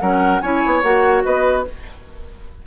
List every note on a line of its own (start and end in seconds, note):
0.00 0.42 F#3
0.00 0.41 C#4
0.00 0.42 A#4
0.00 0.41 F#5
0.41 0.63 C#4
0.41 0.83 E4
0.41 1.24 C#5
0.41 0.82 G#5
0.66 0.83 B3
0.83 1.23 A#3
0.83 1.65 F#4
0.83 1.24 F#5
1.24 1.66 B3
1.24 1.66 B4
1.24 1.65 D#5